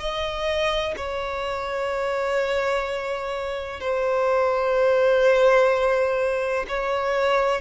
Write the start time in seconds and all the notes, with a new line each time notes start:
0.00 D#5
0.97 C#5
3.81 C5
6.68 C#5